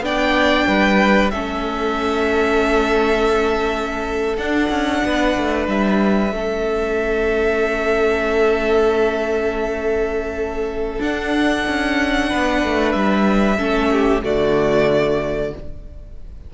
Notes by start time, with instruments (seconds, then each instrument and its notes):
0.00 cello B3, viola D4, violin G5
0.06 violin D5
0.68 cello G3, violin B4
1.30 cello A3, viola C#4, violin A4 E5
4.37 cello D4, viola D4, violin F#5
4.70 cello C#4
5.04 cello B3, violin B4
5.37 cello A3
5.68 cello G3, violin E5
6.32 cello A3, viola C#4, violin A4
10.99 viola D4, cello D4, violin F#5
11.68 cello C#4
12.29 cello B3, violin B4
12.64 cello A3
12.92 cello G3, violin E5
13.57 cello A3, viola C#4, violin A4
13.92 violin G4
14.22 cello D3, viola A3, violin F#4 D5